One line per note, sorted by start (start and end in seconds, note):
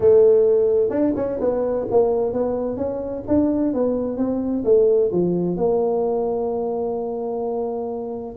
0.00 0.90 A3
0.90 1.13 D4
1.15 1.39 C#4
1.40 1.86 B3
1.90 2.33 A#3
2.33 2.76 B3
2.76 3.23 C#4
3.27 3.73 D4
3.73 4.17 B3
4.17 4.63 C4
4.64 5.11 A3
5.11 5.56 F3
5.56 8.35 A#3